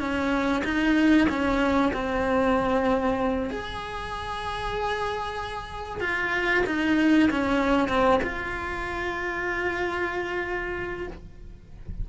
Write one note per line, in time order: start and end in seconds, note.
0.00 0.63 C#4
0.65 1.28 D#4
1.29 1.93 C#4
1.94 3.51 C4
3.51 6.01 G#4
6.01 6.64 F4
6.67 7.30 D#4
7.31 7.89 C#4
7.89 8.20 C4
8.24 11.08 F4